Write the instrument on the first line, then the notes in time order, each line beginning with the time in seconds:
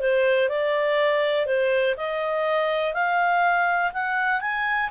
clarinet
0.00 C5
0.49 D5
1.46 C5
1.97 D#5
2.94 F5
3.93 F#5
4.41 G#5